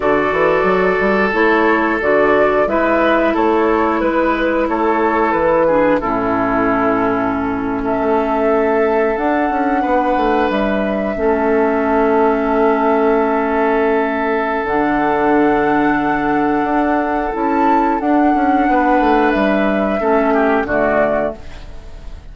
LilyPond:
<<
  \new Staff \with { instrumentName = "flute" } { \time 4/4 \tempo 4 = 90 d''2 cis''4 d''4 | e''4 cis''4 b'4 cis''4 | b'4 a'2~ a'8. e''16~ | e''4.~ e''16 fis''2 e''16~ |
e''1~ | e''2 fis''2~ | fis''2 a''4 fis''4~ | fis''4 e''2 d''4 | }
  \new Staff \with { instrumentName = "oboe" } { \time 4/4 a'1 | b'4 a'4 b'4 a'4~ | a'8 gis'8 e'2~ e'8. a'16~ | a'2~ a'8. b'4~ b'16~ |
b'8. a'2.~ a'16~ | a'1~ | a'1 | b'2 a'8 g'8 fis'4 | }
  \new Staff \with { instrumentName = "clarinet" } { \time 4/4 fis'2 e'4 fis'4 | e'1~ | e'8 d'8 cis'2.~ | cis'4.~ cis'16 d'2~ d'16~ |
d'8. cis'2.~ cis'16~ | cis'2 d'2~ | d'2 e'4 d'4~ | d'2 cis'4 a4 | }
  \new Staff \with { instrumentName = "bassoon" } { \time 4/4 d8 e8 fis8 g8 a4 d4 | gis4 a4 gis4 a4 | e4 a,2. | a4.~ a16 d'8 cis'8 b8 a8 g16~ |
g8. a2.~ a16~ | a2 d2~ | d4 d'4 cis'4 d'8 cis'8 | b8 a8 g4 a4 d4 | }
>>